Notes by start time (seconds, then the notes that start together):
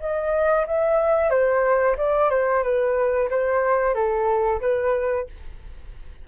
0.00 D#5
0.67 E5
1.30 C5
1.97 D5
2.30 C5
2.63 B4
3.30 C5
3.94 A4
4.61 B4